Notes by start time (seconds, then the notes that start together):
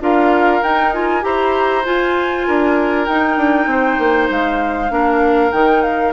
0.00 D4 F4 A#4 F5
0.62 D#4 G5
0.93 F4 G#5
1.21 E4 G4 C5 A#5
1.84 F4 G#5
2.47 D4 A#4
3.05 D#4 G5
3.37 D4
3.66 C4 C5
3.98 A#3
4.30 G#3 F5
4.89 A#3 D4 A#4
5.52 D#3 D#4 G5
5.82 F5